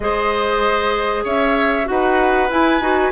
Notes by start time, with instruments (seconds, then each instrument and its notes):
0.00 bassoon G#3, clarinet G#4, oboe C5, flute D#5
1.24 bassoon C#4, oboe C#5, flute E5
1.85 bassoon D#4, clarinet F#4, flute F#5
1.91 oboe B4
2.49 clarinet E4, bassoon E4, flute G#5
2.80 bassoon D#4, clarinet F#4